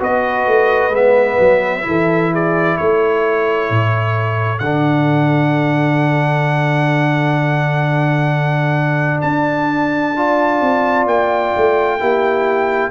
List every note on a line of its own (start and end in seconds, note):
0.00 0.47 B3
0.00 0.92 F#4
0.00 1.85 B4
0.00 0.96 D#5
0.47 0.90 A3
0.90 1.36 G#3
0.90 1.82 B3
0.90 2.34 E5
1.40 1.86 F#3
1.82 2.79 E3
1.82 4.59 E4
1.82 2.33 A4
2.33 2.76 G#4
2.33 2.78 D5
2.76 3.70 A3
2.76 10.15 A4
2.76 4.59 C#5
3.70 4.61 A2
4.59 9.22 D3
4.59 10.16 D4
4.59 9.21 F#5
9.22 10.61 D4
9.22 11.07 A5
10.16 12.00 F4
10.16 12.01 D5
10.61 11.06 C4
11.06 11.52 A#3
11.06 12.91 G5
11.57 12.01 A3
12.00 12.91 A#3
12.00 12.91 E4
12.00 12.91 G4